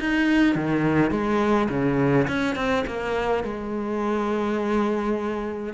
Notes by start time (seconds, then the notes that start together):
0.00 D#4
0.56 D#3
1.11 G#3
1.70 C#3
2.28 C#4
2.56 C4
2.87 A#3
3.44 G#3